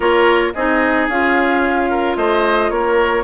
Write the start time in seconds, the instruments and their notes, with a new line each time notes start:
0.00 bassoon A#3, clarinet F4, oboe A#4, flute C#5
0.53 bassoon C4, clarinet D#4, oboe G#4, flute D#5
1.08 bassoon C#4, clarinet F4, flute F5
1.89 oboe A#4
2.16 bassoon A3, oboe C5, flute D#5
2.69 bassoon A#3, oboe A#4, flute C#5